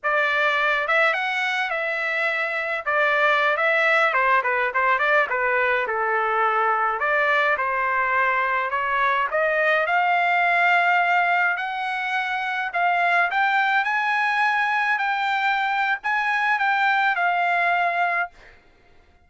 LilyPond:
\new Staff \with { instrumentName = "trumpet" } { \time 4/4 \tempo 4 = 105 d''4. e''8 fis''4 e''4~ | e''4 d''4~ d''16 e''4 c''8 b'16~ | b'16 c''8 d''8 b'4 a'4.~ a'16~ | a'16 d''4 c''2 cis''8.~ |
cis''16 dis''4 f''2~ f''8.~ | f''16 fis''2 f''4 g''8.~ | g''16 gis''2 g''4.~ g''16 | gis''4 g''4 f''2 | }